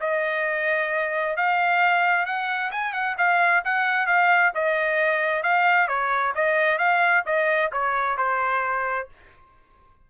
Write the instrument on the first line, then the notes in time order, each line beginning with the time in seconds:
trumpet
0.00 D#5
1.36 F5
2.26 F#5
2.71 G#5
2.93 F#5
3.18 F5
3.65 F#5
4.07 F5
4.54 D#5
5.43 F5
5.88 C#5
6.35 D#5
6.78 F5
7.26 D#5
7.72 C#5
8.17 C5